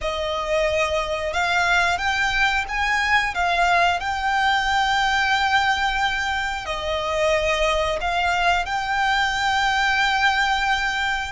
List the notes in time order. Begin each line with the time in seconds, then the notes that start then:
0.01 D#5
1.33 F5
1.98 G5
2.68 G#5
3.34 F5
4.00 G5
6.65 D#5
8.01 F5
8.65 G5